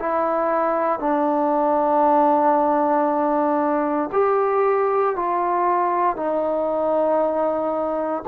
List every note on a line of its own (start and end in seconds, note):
0.00 1.00 E4
1.00 4.10 D4
4.13 5.16 G4
5.16 6.16 F4
6.16 8.23 D#4